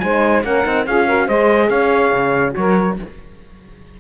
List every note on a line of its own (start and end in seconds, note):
0.00 0.44 G#3
0.00 0.44 D#4
0.00 0.45 C5
0.00 0.42 G#5
0.44 0.65 A#3
0.44 0.64 C#4
0.44 0.86 A#4
0.44 0.87 F#5
0.64 0.87 C4
0.64 0.85 D#4
0.86 1.29 C#4
0.86 1.08 F4
0.86 1.06 G#4
0.86 1.29 F5
1.06 1.29 F#4
1.06 1.26 A#4
1.26 1.70 G#3
1.26 2.51 G#4
1.26 1.68 C5
1.26 1.70 D#5
1.69 2.12 C#4
1.69 2.53 C#5
1.69 2.54 F5
2.13 2.55 C#3
2.51 2.99 F#3
2.51 2.93 F#4
2.51 2.97 C#5
2.58 3.00 A#4